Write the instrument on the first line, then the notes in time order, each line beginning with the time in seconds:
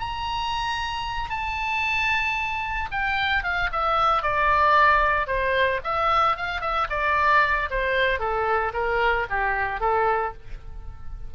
oboe
0.00 A#5
1.30 A5
2.91 G5
3.43 F5
3.72 E5
4.23 D5
5.27 C5
5.84 E5
6.37 F5
6.61 E5
6.90 D5
7.70 C5
8.19 A4
8.74 A#4
9.30 G4
9.80 A4